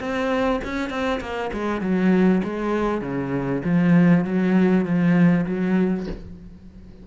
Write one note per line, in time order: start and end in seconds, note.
0.00 0.61 C4
0.64 0.90 C#4
0.90 1.20 C4
1.20 1.51 A#3
1.53 1.81 G#3
1.81 2.42 F#3
2.44 3.02 G#3
3.02 3.62 C#3
3.64 4.25 F3
4.25 4.85 F#3
4.85 5.46 F3
5.46 6.07 F#3